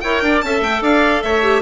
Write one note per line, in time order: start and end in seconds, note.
0.00 0.22 E4
0.00 0.44 A#4
0.00 0.23 C#5
0.00 0.40 G5
0.22 0.42 D4
0.22 0.44 D5
0.41 0.61 C#4
0.41 1.42 A4
0.41 0.82 E5
0.41 0.61 A5
0.61 0.81 A3
0.61 0.83 G5
0.81 1.21 D4
0.81 1.22 D5
0.81 1.22 F5
1.22 1.62 A3
1.22 1.62 C#5
1.22 1.62 E5
1.42 1.62 G4